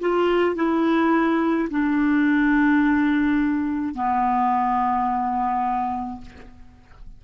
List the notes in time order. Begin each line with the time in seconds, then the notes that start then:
0.00 F4
0.56 E4
1.70 D4
3.95 B3